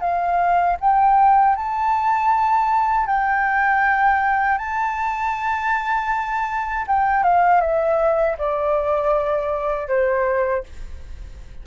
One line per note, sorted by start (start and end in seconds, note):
0.00 0.76 F5
0.80 1.56 G5
1.56 3.06 A5
3.06 4.57 G5
4.57 6.85 A5
6.87 7.23 G5
7.23 7.60 F5
7.60 8.36 E5
8.38 9.87 D5
9.87 10.63 C5